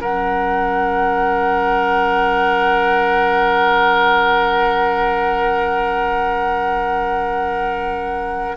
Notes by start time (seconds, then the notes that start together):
0.00 F#3 C#4 A#4 F#5